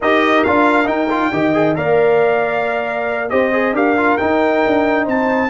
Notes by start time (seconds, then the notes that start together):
0.00 D#4 G4 A#4 D#5
0.44 D4 F4 F5
0.84 D#4 G5
1.10 F4
1.32 D#3 G4 D#5
1.53 G#4
1.75 A#3 A#4 D5 F5
3.29 C4 G4 C5 D#5
3.52 G#4
3.73 D4 G4 A#4 F5
3.97 F4
4.17 D#4 G5
4.66 D4
5.04 C4 C5 A5